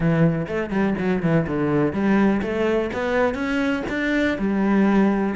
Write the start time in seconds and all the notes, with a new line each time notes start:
0.00 E3
0.47 A3
0.70 G3
0.98 F#3
1.22 E3
1.47 D3
1.92 G3
2.41 A3
2.93 B3
3.34 C#4
3.89 D4
4.38 G3